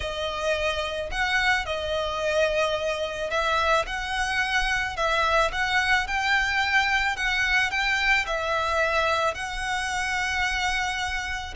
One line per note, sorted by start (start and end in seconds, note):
0.00 1.10 D#5
1.11 1.65 F#5
1.65 3.30 D#5
3.30 3.85 E5
3.86 4.96 F#5
4.96 5.51 E5
5.52 6.07 F#5
6.07 7.16 G5
7.16 7.70 F#5
7.70 8.25 G5
8.26 9.34 E5
9.34 11.54 F#5